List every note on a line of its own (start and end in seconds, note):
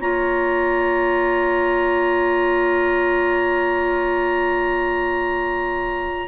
0.00 6.28 A#3
0.00 6.28 F4
0.00 6.28 C#5
0.00 6.28 A#5